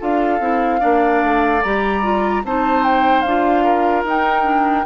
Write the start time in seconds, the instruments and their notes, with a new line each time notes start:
0.00 bassoon D4, clarinet F4, oboe A4, flute F5
0.40 bassoon C4, clarinet E4
0.80 bassoon A#3, clarinet D4, oboe D5
1.23 bassoon A3
1.62 bassoon G3, clarinet G4, flute A#5
2.03 clarinet F4
2.44 bassoon C4, clarinet D#4, oboe C5, flute A5
2.84 flute G5
3.22 bassoon D4, clarinet F4, flute F5
3.64 oboe A#4
4.04 bassoon D#4, clarinet D#4, flute G5
4.43 clarinet D4